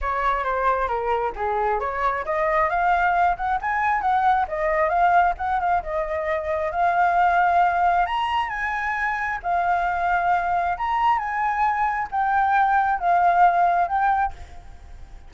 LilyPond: \new Staff \with { instrumentName = "flute" } { \time 4/4 \tempo 4 = 134 cis''4 c''4 ais'4 gis'4 | cis''4 dis''4 f''4. fis''8 | gis''4 fis''4 dis''4 f''4 | fis''8 f''8 dis''2 f''4~ |
f''2 ais''4 gis''4~ | gis''4 f''2. | ais''4 gis''2 g''4~ | g''4 f''2 g''4 | }